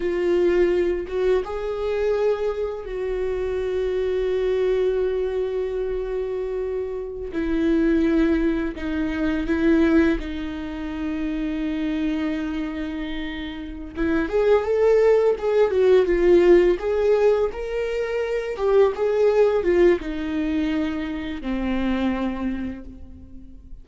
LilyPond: \new Staff \with { instrumentName = "viola" } { \time 4/4 \tempo 4 = 84 f'4. fis'8 gis'2 | fis'1~ | fis'2~ fis'16 e'4.~ e'16~ | e'16 dis'4 e'4 dis'4.~ dis'16~ |
dis'2.~ dis'8 e'8 | gis'8 a'4 gis'8 fis'8 f'4 gis'8~ | gis'8 ais'4. g'8 gis'4 f'8 | dis'2 c'2 | }